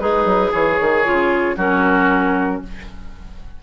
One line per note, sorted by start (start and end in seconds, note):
0.00 0.25 G#3
0.00 0.52 D#4
0.00 1.04 G#4
0.00 0.52 B4
0.25 0.51 F#3
0.52 0.80 E3
0.52 1.56 G#4
0.52 1.58 C#5
0.80 1.06 D#3
1.05 1.57 C#3
1.05 1.57 F4
1.57 2.61 F#3
1.57 2.63 C#4
1.57 2.61 F#4
1.57 2.63 A#4